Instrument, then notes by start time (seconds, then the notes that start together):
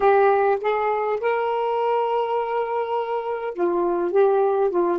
saxophone
0.00 G4
0.60 G#4
1.20 A#4
3.54 F4
4.11 G4
4.70 F4